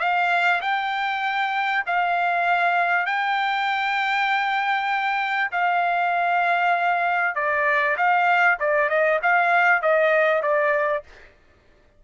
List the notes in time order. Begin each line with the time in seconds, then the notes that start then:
0.00 F5
0.62 G5
1.87 F5
3.06 G5
5.52 F5
7.36 D5
7.98 F5
8.60 D5
8.90 D#5
9.23 F5
9.83 D#5
10.43 D5